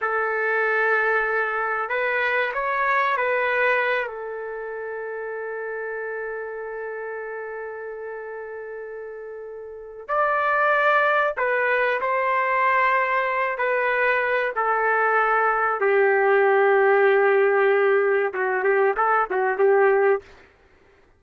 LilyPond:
\new Staff \with { instrumentName = "trumpet" } { \time 4/4 \tempo 4 = 95 a'2. b'4 | cis''4 b'4. a'4.~ | a'1~ | a'1 |
d''2 b'4 c''4~ | c''4. b'4. a'4~ | a'4 g'2.~ | g'4 fis'8 g'8 a'8 fis'8 g'4 | }